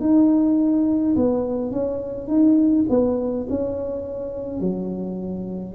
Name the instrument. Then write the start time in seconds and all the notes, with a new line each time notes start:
tuba
0.00 D#4
1.15 B3
1.71 C#4
2.27 D#4
2.89 B3
3.49 C#4
4.60 F#3